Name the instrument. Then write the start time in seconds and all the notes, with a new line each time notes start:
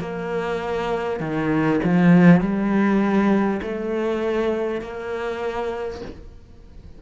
cello
0.00 A#3
1.19 D#3
1.83 F3
2.41 G3
3.62 A3
4.81 A#3